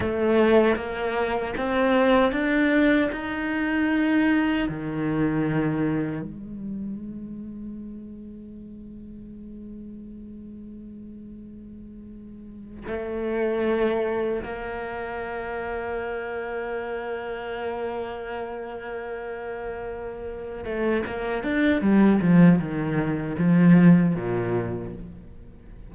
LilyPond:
\new Staff \with { instrumentName = "cello" } { \time 4/4 \tempo 4 = 77 a4 ais4 c'4 d'4 | dis'2 dis2 | gis1~ | gis1~ |
gis8 a2 ais4.~ | ais1~ | ais2~ ais8 a8 ais8 d'8 | g8 f8 dis4 f4 ais,4 | }